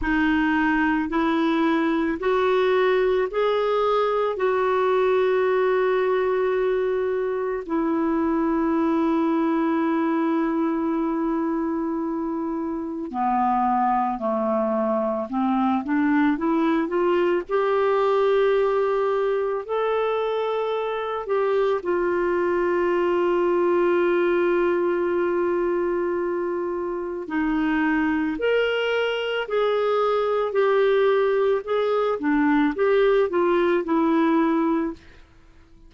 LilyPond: \new Staff \with { instrumentName = "clarinet" } { \time 4/4 \tempo 4 = 55 dis'4 e'4 fis'4 gis'4 | fis'2. e'4~ | e'1 | b4 a4 c'8 d'8 e'8 f'8 |
g'2 a'4. g'8 | f'1~ | f'4 dis'4 ais'4 gis'4 | g'4 gis'8 d'8 g'8 f'8 e'4 | }